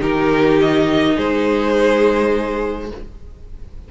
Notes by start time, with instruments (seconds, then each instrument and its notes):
0.00 cello D#3, viola D#4, violin G4 A#4
0.61 violin D#5
1.16 cello G#3, violin G#4 C5